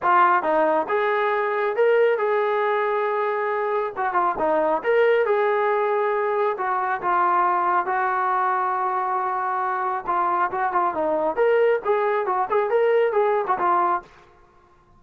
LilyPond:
\new Staff \with { instrumentName = "trombone" } { \time 4/4 \tempo 4 = 137 f'4 dis'4 gis'2 | ais'4 gis'2.~ | gis'4 fis'8 f'8 dis'4 ais'4 | gis'2. fis'4 |
f'2 fis'2~ | fis'2. f'4 | fis'8 f'8 dis'4 ais'4 gis'4 | fis'8 gis'8 ais'4 gis'8. fis'16 f'4 | }